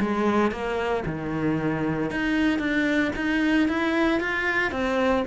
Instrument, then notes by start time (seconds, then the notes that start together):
cello
0.00 G#3
0.51 A#3
1.06 D#3
2.11 D#4
2.59 D4
3.16 D#4
3.68 E4
4.20 F4
4.72 C4